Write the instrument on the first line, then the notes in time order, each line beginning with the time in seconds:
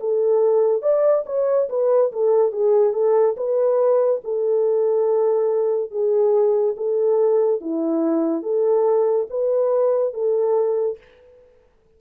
horn
0.00 A4
0.82 D5
1.26 C#5
1.69 B4
2.12 A4
2.52 G#4
2.93 A4
3.37 B4
4.24 A4
5.91 G#4
6.77 A4
7.61 E4
8.42 A4
9.30 B4
10.14 A4